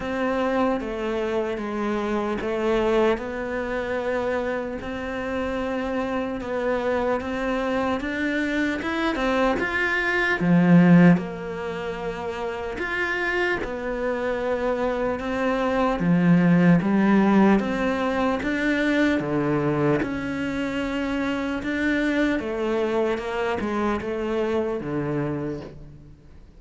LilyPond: \new Staff \with { instrumentName = "cello" } { \time 4/4 \tempo 4 = 75 c'4 a4 gis4 a4 | b2 c'2 | b4 c'4 d'4 e'8 c'8 | f'4 f4 ais2 |
f'4 b2 c'4 | f4 g4 c'4 d'4 | d4 cis'2 d'4 | a4 ais8 gis8 a4 d4 | }